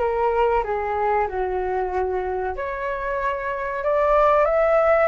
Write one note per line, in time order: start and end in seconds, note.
0.00 0.64 A#4
0.64 1.28 G#4
1.28 2.56 F#4
2.56 3.84 C#5
3.84 4.45 D5
4.45 5.08 E5